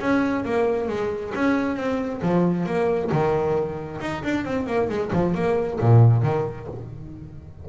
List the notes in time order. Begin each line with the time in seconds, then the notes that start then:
0.00 C#4
0.45 A#3
0.88 G#3
1.35 C#4
1.77 C4
2.22 F3
2.66 A#3
3.12 D#3
4.01 D#4
4.24 D4
4.45 C4
4.67 A#3
4.89 G#3
5.13 F3
5.35 A#3
5.80 A#2
6.23 D#3